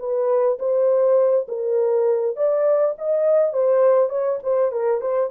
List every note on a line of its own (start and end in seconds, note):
0.00 0.59 B4
0.59 1.48 C5
1.49 2.36 A#4
2.36 2.95 D5
2.98 3.53 D#5
3.53 4.10 C5
4.10 4.39 C#5
4.44 4.72 C5
4.72 5.01 A#4
5.01 5.31 C5